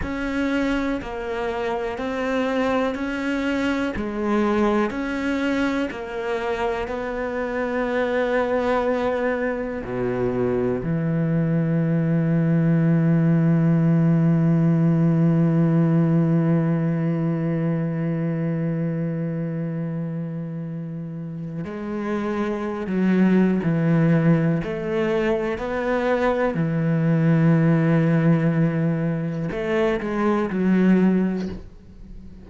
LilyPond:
\new Staff \with { instrumentName = "cello" } { \time 4/4 \tempo 4 = 61 cis'4 ais4 c'4 cis'4 | gis4 cis'4 ais4 b4~ | b2 b,4 e4~ | e1~ |
e1~ | e2 gis4~ gis16 fis8. | e4 a4 b4 e4~ | e2 a8 gis8 fis4 | }